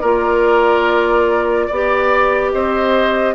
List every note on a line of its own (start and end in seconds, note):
0.00 1.69 A#3
0.00 1.70 F4
0.00 1.67 A#4
0.00 2.50 D5
1.67 2.53 B3
1.67 3.34 G4
1.67 2.50 D5
2.52 3.34 C4
2.52 3.34 C5
2.52 3.34 D#5